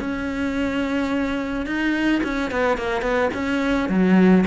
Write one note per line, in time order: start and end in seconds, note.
0.00 1.66 C#4
1.66 2.22 D#4
2.23 2.51 C#4
2.51 2.77 B3
2.77 3.02 A#3
3.02 3.30 B3
3.34 3.89 C#4
3.89 4.44 F#3